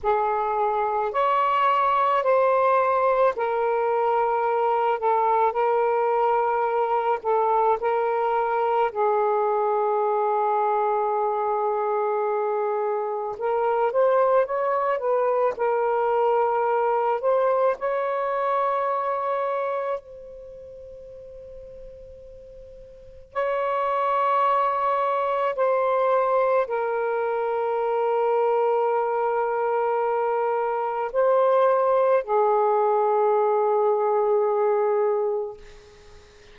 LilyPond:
\new Staff \with { instrumentName = "saxophone" } { \time 4/4 \tempo 4 = 54 gis'4 cis''4 c''4 ais'4~ | ais'8 a'8 ais'4. a'8 ais'4 | gis'1 | ais'8 c''8 cis''8 b'8 ais'4. c''8 |
cis''2 c''2~ | c''4 cis''2 c''4 | ais'1 | c''4 gis'2. | }